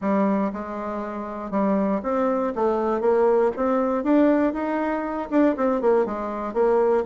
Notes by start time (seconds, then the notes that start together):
0.01 G3
0.52 G#3
1.50 G3
2.03 C4
2.55 A3
3.00 A#3
3.56 C4
4.03 D4
4.53 D#4
5.30 D4
5.56 C4
5.81 A#3
6.05 G#3
6.53 A#3